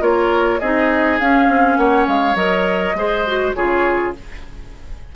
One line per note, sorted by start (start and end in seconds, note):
0.00 0.59 A#3
0.00 0.59 F4
0.00 0.59 A#4
0.00 0.59 C#5
0.59 1.20 C4
0.59 1.20 D#4
0.59 1.77 G#4
0.59 1.18 D#5
1.19 1.48 C#4
1.19 2.35 C#4
1.19 1.77 F5
1.48 1.77 C4
1.77 2.06 A#3
1.77 2.96 C#5
1.77 2.06 F#5
2.07 2.34 G#3
2.07 2.35 F5
2.34 2.93 F#3
2.34 2.94 A#4
2.34 3.53 D#5
2.94 3.52 G#3
2.94 3.25 G#4
2.94 3.56 C5
3.26 3.55 F#4
3.54 4.15 C#3
3.54 4.14 F4
3.54 4.14 G#4
3.54 4.13 C#5